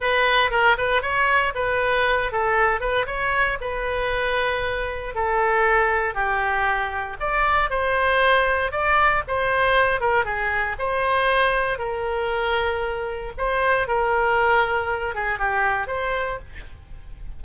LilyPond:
\new Staff \with { instrumentName = "oboe" } { \time 4/4 \tempo 4 = 117 b'4 ais'8 b'8 cis''4 b'4~ | b'8 a'4 b'8 cis''4 b'4~ | b'2 a'2 | g'2 d''4 c''4~ |
c''4 d''4 c''4. ais'8 | gis'4 c''2 ais'4~ | ais'2 c''4 ais'4~ | ais'4. gis'8 g'4 c''4 | }